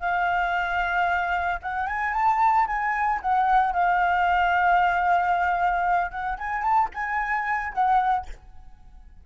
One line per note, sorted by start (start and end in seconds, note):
0.00 1.59 F5
1.62 1.87 F#5
1.87 2.13 G#5
2.13 2.66 A5
2.67 3.20 G#5
3.21 3.73 F#5
3.73 6.11 F5
6.11 6.37 F#5
6.38 6.62 G#5
6.62 6.89 A5
6.94 7.73 G#5
7.73 8.26 F#5